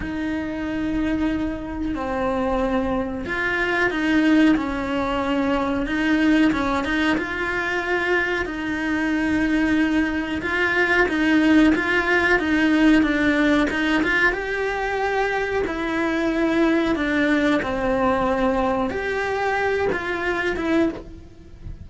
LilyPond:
\new Staff \with { instrumentName = "cello" } { \time 4/4 \tempo 4 = 92 dis'2. c'4~ | c'4 f'4 dis'4 cis'4~ | cis'4 dis'4 cis'8 dis'8 f'4~ | f'4 dis'2. |
f'4 dis'4 f'4 dis'4 | d'4 dis'8 f'8 g'2 | e'2 d'4 c'4~ | c'4 g'4. f'4 e'8 | }